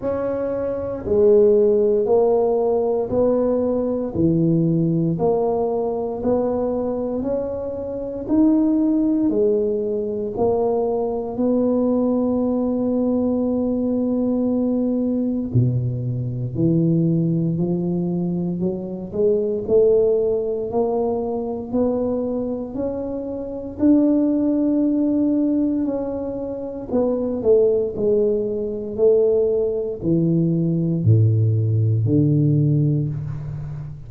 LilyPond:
\new Staff \with { instrumentName = "tuba" } { \time 4/4 \tempo 4 = 58 cis'4 gis4 ais4 b4 | e4 ais4 b4 cis'4 | dis'4 gis4 ais4 b4~ | b2. b,4 |
e4 f4 fis8 gis8 a4 | ais4 b4 cis'4 d'4~ | d'4 cis'4 b8 a8 gis4 | a4 e4 a,4 d4 | }